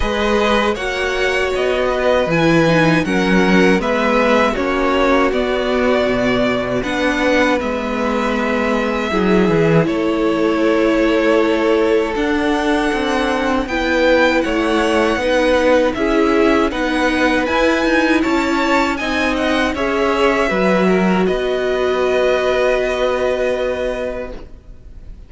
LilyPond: <<
  \new Staff \with { instrumentName = "violin" } { \time 4/4 \tempo 4 = 79 dis''4 fis''4 dis''4 gis''4 | fis''4 e''4 cis''4 d''4~ | d''4 fis''4 e''2~ | e''4 cis''2. |
fis''2 g''4 fis''4~ | fis''4 e''4 fis''4 gis''4 | a''4 gis''8 fis''8 e''2 | dis''1 | }
  \new Staff \with { instrumentName = "violin" } { \time 4/4 b'4 cis''4. b'4. | ais'4 b'4 fis'2~ | fis'4 b'2. | gis'4 a'2.~ |
a'2 b'4 cis''4 | b'4 gis'4 b'2 | cis''4 dis''4 cis''4 b'8 ais'8 | b'1 | }
  \new Staff \with { instrumentName = "viola" } { \time 4/4 gis'4 fis'2 e'8 dis'8 | cis'4 b4 cis'4 b4~ | b4 d'4 b2 | e'1 |
d'2 e'2 | dis'4 e'4 dis'4 e'4~ | e'4 dis'4 gis'4 fis'4~ | fis'1 | }
  \new Staff \with { instrumentName = "cello" } { \time 4/4 gis4 ais4 b4 e4 | fis4 gis4 ais4 b4 | b,4 b4 gis2 | fis8 e8 a2. |
d'4 c'4 b4 a4 | b4 cis'4 b4 e'8 dis'8 | cis'4 c'4 cis'4 fis4 | b1 | }
>>